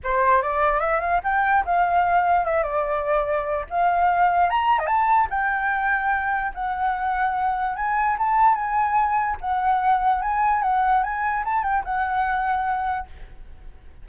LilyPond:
\new Staff \with { instrumentName = "flute" } { \time 4/4 \tempo 4 = 147 c''4 d''4 e''8 f''8 g''4 | f''2 e''8 d''4.~ | d''4 f''2 ais''8. dis''16 | a''4 g''2. |
fis''2. gis''4 | a''4 gis''2 fis''4~ | fis''4 gis''4 fis''4 gis''4 | a''8 g''8 fis''2. | }